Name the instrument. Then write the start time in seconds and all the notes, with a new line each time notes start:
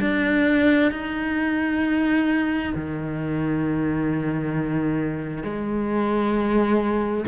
cello
0.00 D4
0.91 D#4
2.75 D#3
5.43 G#3